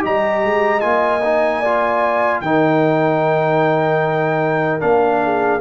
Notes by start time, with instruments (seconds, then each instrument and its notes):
0.00 tuba G3, trombone G4, horn D#5, trumpet A#5
0.44 tuba G#3
0.80 tuba A#3, trombone F4, trumpet G#5
1.24 trombone D#4
1.60 trombone F4, horn D5
2.41 tuba D#3, trombone D#4, horn A#4, trumpet G5
4.80 tuba A#3, trombone D4, trumpet F5
5.23 horn G#4